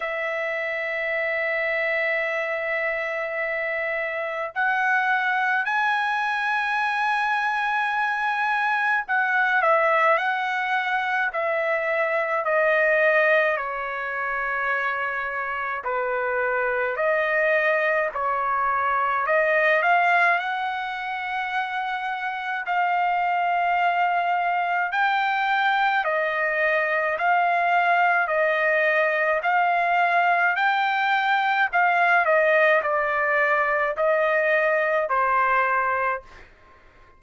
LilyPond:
\new Staff \with { instrumentName = "trumpet" } { \time 4/4 \tempo 4 = 53 e''1 | fis''4 gis''2. | fis''8 e''8 fis''4 e''4 dis''4 | cis''2 b'4 dis''4 |
cis''4 dis''8 f''8 fis''2 | f''2 g''4 dis''4 | f''4 dis''4 f''4 g''4 | f''8 dis''8 d''4 dis''4 c''4 | }